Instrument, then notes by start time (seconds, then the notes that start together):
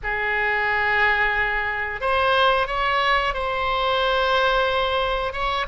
oboe
0.03 G#4
2.00 C5
2.67 C#5
3.33 C5
5.32 C#5